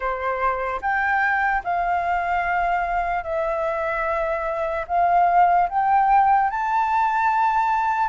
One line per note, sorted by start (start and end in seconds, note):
0.00 0.80 C5
0.81 1.62 G5
1.64 3.23 F5
3.23 4.85 E5
4.87 5.68 F5
5.69 6.50 G5
6.50 8.09 A5